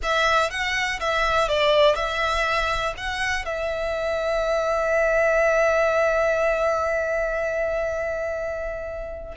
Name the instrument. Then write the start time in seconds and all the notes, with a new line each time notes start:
violin
0.02 E5
0.50 F#5
1.00 E5
1.48 D5
1.95 E5
2.97 F#5
3.45 E5